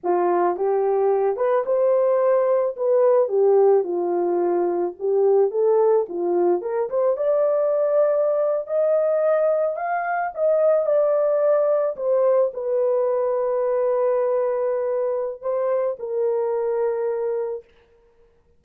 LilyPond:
\new Staff \with { instrumentName = "horn" } { \time 4/4 \tempo 4 = 109 f'4 g'4. b'8 c''4~ | c''4 b'4 g'4 f'4~ | f'4 g'4 a'4 f'4 | ais'8 c''8 d''2~ d''8. dis''16~ |
dis''4.~ dis''16 f''4 dis''4 d''16~ | d''4.~ d''16 c''4 b'4~ b'16~ | b'1 | c''4 ais'2. | }